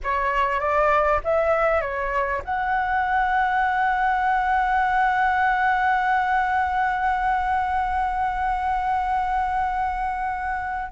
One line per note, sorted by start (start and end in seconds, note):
0.03 0.60 C#5
0.60 1.20 D5
1.24 1.81 E5
1.81 2.42 C#5
2.44 10.91 F#5